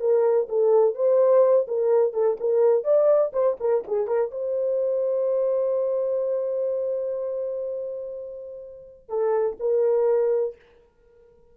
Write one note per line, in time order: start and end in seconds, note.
0.00 0.48 A#4
0.49 0.95 A4
0.95 1.67 C5
1.68 2.13 A#4
2.13 2.37 A4
2.40 2.84 A#4
2.84 3.32 D5
3.33 3.57 C5
3.60 3.84 A#4
3.87 4.07 G#4
4.07 4.31 A#4
4.31 9.09 C5
9.09 9.57 A4
9.59 10.55 A#4